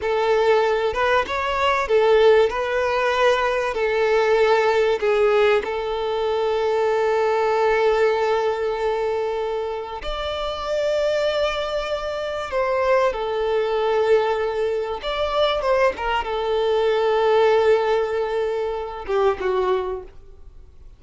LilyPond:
\new Staff \with { instrumentName = "violin" } { \time 4/4 \tempo 4 = 96 a'4. b'8 cis''4 a'4 | b'2 a'2 | gis'4 a'2.~ | a'1 |
d''1 | c''4 a'2. | d''4 c''8 ais'8 a'2~ | a'2~ a'8 g'8 fis'4 | }